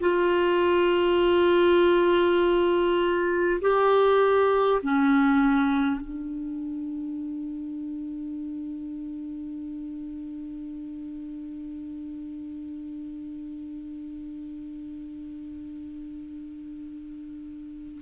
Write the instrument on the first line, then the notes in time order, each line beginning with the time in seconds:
clarinet
0.00 F4
3.61 G4
4.82 C#4
6.01 D4